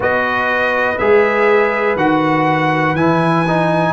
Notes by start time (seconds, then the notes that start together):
0.00 B3 F#4 B4 D#5
0.98 G#3 G#4 E5
1.96 D#3 F#4 F#5
2.94 E3 E4 G#5
3.47 D#4